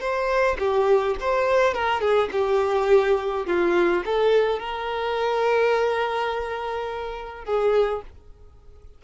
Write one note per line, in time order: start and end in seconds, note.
0.00 0.57 C5
0.58 1.16 G4
1.20 1.74 C5
1.74 2.01 A#4
2.01 2.29 G#4
2.32 3.46 G4
3.46 4.03 F4
4.05 4.59 A4
4.59 7.45 A#4
7.45 8.02 G#4